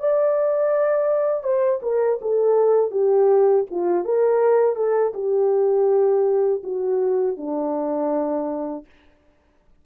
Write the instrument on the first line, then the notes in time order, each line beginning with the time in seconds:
horn
0.00 D5
1.43 C5
1.82 A#4
2.22 A4
2.91 G4
3.71 F4
4.04 A#4
4.76 A4
5.14 G4
6.63 F#4
7.37 D4